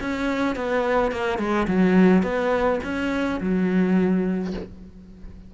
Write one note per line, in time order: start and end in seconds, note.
0.00 0.55 C#4
0.55 1.11 B3
1.11 1.38 A#3
1.38 1.66 G#3
1.67 2.23 F#3
2.23 2.79 B3
2.83 3.40 C#4
3.40 4.53 F#3